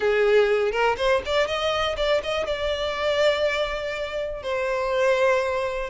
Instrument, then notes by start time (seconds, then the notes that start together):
violin
0.00 G#4
0.71 A#4
0.97 C5
1.25 D5
1.47 D#5
1.96 D5
2.23 D#5
2.46 D5
4.42 C5